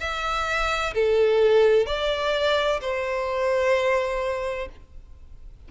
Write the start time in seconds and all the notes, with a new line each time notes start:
0.00 E5
0.95 A4
1.87 D5
2.81 C5